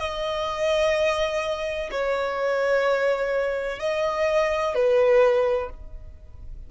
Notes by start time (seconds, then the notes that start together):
0.00 D#5
1.91 C#5
3.80 D#5
4.75 B4